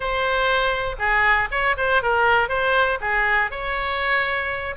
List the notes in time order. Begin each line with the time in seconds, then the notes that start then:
0.00 C5
0.99 G#4
1.51 C#5
1.77 C5
2.02 A#4
2.49 C5
3.00 G#4
3.50 C#5